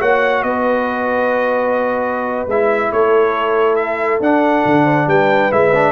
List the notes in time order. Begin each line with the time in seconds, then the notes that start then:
0.00 A#3 F#4 C#5 F#5
0.43 B3 B4 D#5
2.47 G#3 E4 E5
2.92 A3 A4 C#5
3.76 E5
4.20 D4 F#5
4.66 D3
4.84 C5
5.07 G3 B4 G5
5.51 G#3 E4 E5
5.75 D4